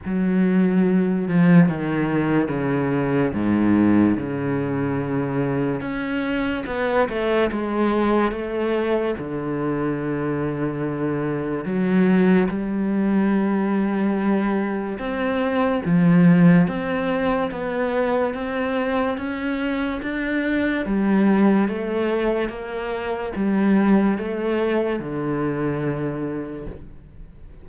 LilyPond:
\new Staff \with { instrumentName = "cello" } { \time 4/4 \tempo 4 = 72 fis4. f8 dis4 cis4 | gis,4 cis2 cis'4 | b8 a8 gis4 a4 d4~ | d2 fis4 g4~ |
g2 c'4 f4 | c'4 b4 c'4 cis'4 | d'4 g4 a4 ais4 | g4 a4 d2 | }